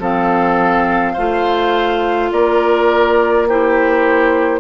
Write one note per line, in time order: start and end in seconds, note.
0.00 1.15 F3
0.00 1.17 C4
0.00 1.13 A4
0.00 2.32 F5
1.13 2.31 A3
1.13 3.48 F4
1.13 2.29 C5
2.31 4.61 A#3
2.31 3.48 A#4
2.31 3.48 D5
3.48 4.61 E4
3.48 4.61 G4
3.48 4.61 C5